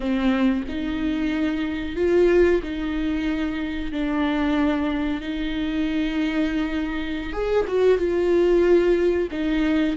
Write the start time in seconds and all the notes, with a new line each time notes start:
0.00 C4
0.68 D#4
1.96 F4
2.62 D#4
3.91 D4
5.21 D#4
7.32 G#4
7.67 F#4
7.97 F4
9.31 D#4